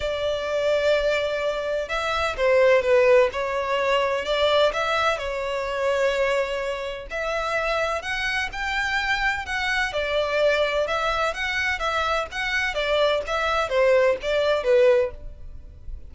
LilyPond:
\new Staff \with { instrumentName = "violin" } { \time 4/4 \tempo 4 = 127 d''1 | e''4 c''4 b'4 cis''4~ | cis''4 d''4 e''4 cis''4~ | cis''2. e''4~ |
e''4 fis''4 g''2 | fis''4 d''2 e''4 | fis''4 e''4 fis''4 d''4 | e''4 c''4 d''4 b'4 | }